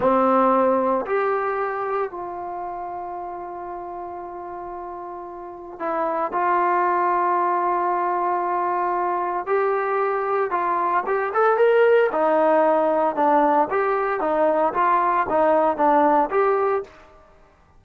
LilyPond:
\new Staff \with { instrumentName = "trombone" } { \time 4/4 \tempo 4 = 114 c'2 g'2 | f'1~ | f'2. e'4 | f'1~ |
f'2 g'2 | f'4 g'8 a'8 ais'4 dis'4~ | dis'4 d'4 g'4 dis'4 | f'4 dis'4 d'4 g'4 | }